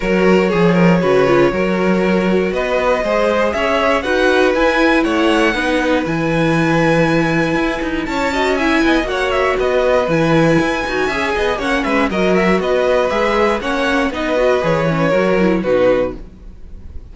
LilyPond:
<<
  \new Staff \with { instrumentName = "violin" } { \time 4/4 \tempo 4 = 119 cis''1~ | cis''4 dis''2 e''4 | fis''4 gis''4 fis''2 | gis''1 |
a''4 gis''4 fis''8 e''8 dis''4 | gis''2. fis''8 e''8 | dis''8 e''8 dis''4 e''4 fis''4 | dis''4 cis''2 b'4 | }
  \new Staff \with { instrumentName = "violin" } { \time 4/4 ais'4 gis'8 ais'8 b'4 ais'4~ | ais'4 b'4 c''4 cis''4 | b'2 cis''4 b'4~ | b'1 |
cis''8 dis''8 e''8 dis''8 cis''4 b'4~ | b'2 e''8 dis''8 cis''8 b'8 | ais'4 b'2 cis''4 | b'2 ais'4 fis'4 | }
  \new Staff \with { instrumentName = "viola" } { \time 4/4 fis'4 gis'4 fis'8 f'8 fis'4~ | fis'2 gis'2 | fis'4 e'2 dis'4 | e'1~ |
e'8 fis'8 e'4 fis'2 | e'4. fis'8 gis'4 cis'4 | fis'2 gis'4 cis'4 | dis'8 fis'8 gis'8 cis'8 fis'8 e'8 dis'4 | }
  \new Staff \with { instrumentName = "cello" } { \time 4/4 fis4 f4 cis4 fis4~ | fis4 b4 gis4 cis'4 | dis'4 e'4 a4 b4 | e2. e'8 dis'8 |
cis'4. b8 ais4 b4 | e4 e'8 dis'8 cis'8 b8 ais8 gis8 | fis4 b4 gis4 ais4 | b4 e4 fis4 b,4 | }
>>